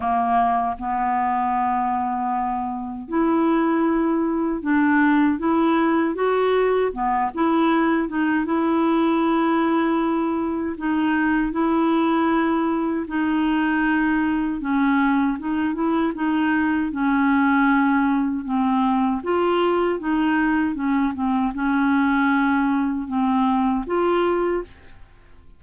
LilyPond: \new Staff \with { instrumentName = "clarinet" } { \time 4/4 \tempo 4 = 78 ais4 b2. | e'2 d'4 e'4 | fis'4 b8 e'4 dis'8 e'4~ | e'2 dis'4 e'4~ |
e'4 dis'2 cis'4 | dis'8 e'8 dis'4 cis'2 | c'4 f'4 dis'4 cis'8 c'8 | cis'2 c'4 f'4 | }